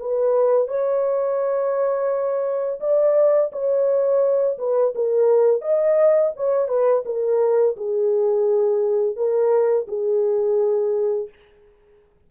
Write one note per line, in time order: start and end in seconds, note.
0.00 0.68 B4
0.68 2.79 C#5
2.80 3.51 D5
3.52 4.58 C#5
4.58 4.93 B4
4.95 5.61 A#4
5.61 6.32 D#5
6.36 6.68 C#5
6.68 7.03 B4
7.06 7.76 A#4
7.76 9.16 G#4
9.16 9.87 A#4
9.88 11.29 G#4